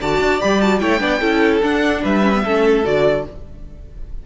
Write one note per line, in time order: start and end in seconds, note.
0.00 0.19 D3
0.00 0.40 F#4
0.00 0.80 D5
0.00 0.41 A5
0.19 0.39 D4
0.40 0.82 G3
0.40 0.60 G4
0.40 0.61 B5
0.61 0.80 F#4
0.61 0.79 A5
0.79 1.00 A3
0.79 0.98 E4
0.79 1.00 C#5
0.79 1.60 G5
0.98 1.20 B3
0.98 1.19 D4
0.98 1.19 D5
1.19 1.61 C#4
1.19 1.62 E4
1.19 2.00 A4
1.62 2.03 D4
1.62 2.22 D4
1.62 2.03 F#5
2.02 2.44 G3
2.02 2.42 B4
2.02 2.85 E5
2.22 2.32 C#4
2.34 2.44 B3
2.43 2.85 A3
2.43 2.84 C#4
2.43 3.24 A4
2.84 3.26 D3
2.84 3.24 F#4
2.84 3.26 D5